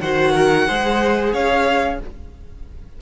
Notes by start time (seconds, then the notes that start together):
0.00 D#3 F#4 C5 F#5
0.32 A#4
0.67 G#3 G#4 C5
1.33 C#4 C#5 F5